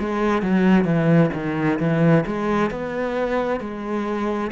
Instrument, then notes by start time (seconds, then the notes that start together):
cello
0.00 G#3
0.43 F#3
0.85 E3
1.34 D#3
1.80 E3
2.27 G#3
2.71 B3
3.61 G#3